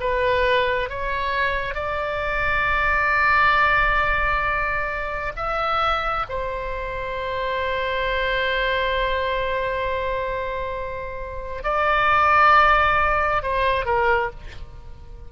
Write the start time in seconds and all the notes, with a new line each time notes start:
0.00 B4
0.89 C#5
1.74 D5
5.36 E5
6.29 C5
11.63 D5
13.42 C5
13.85 A#4